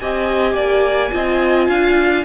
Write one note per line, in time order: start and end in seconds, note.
0.00 0.54 C4
0.00 1.12 G4
0.00 0.55 D#5
0.00 2.25 G#5
0.54 1.11 A#3
0.54 1.12 D5
1.12 1.69 C4
1.12 2.25 F4
1.12 1.69 D#5
1.69 2.25 D4
1.69 2.25 F5